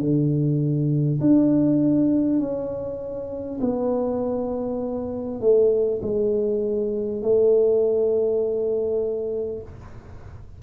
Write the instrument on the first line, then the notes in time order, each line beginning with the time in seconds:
tuba
0.00 D3
1.21 D4
2.39 C#4
3.61 B3
5.41 A3
6.02 G#3
7.22 A3